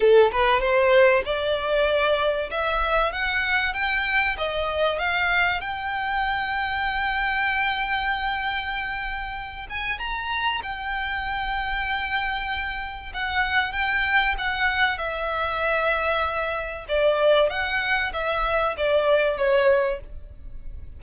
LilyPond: \new Staff \with { instrumentName = "violin" } { \time 4/4 \tempo 4 = 96 a'8 b'8 c''4 d''2 | e''4 fis''4 g''4 dis''4 | f''4 g''2.~ | g''2.~ g''8 gis''8 |
ais''4 g''2.~ | g''4 fis''4 g''4 fis''4 | e''2. d''4 | fis''4 e''4 d''4 cis''4 | }